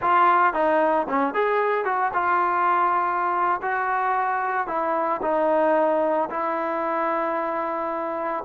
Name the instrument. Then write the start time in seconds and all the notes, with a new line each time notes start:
trombone
0.01 F4
0.53 D#4
1.08 C#4
1.33 G#4
1.84 F#4
2.13 F4
3.62 F#4
4.67 E4
5.22 D#4
6.29 E4